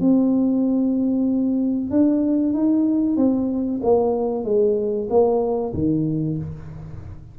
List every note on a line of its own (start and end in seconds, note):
0.00 1.91 C4
1.91 2.53 D4
2.53 3.17 D#4
3.17 3.80 C4
3.83 4.44 A#3
4.44 5.08 G#3
5.09 5.73 A#3
5.74 6.38 D#3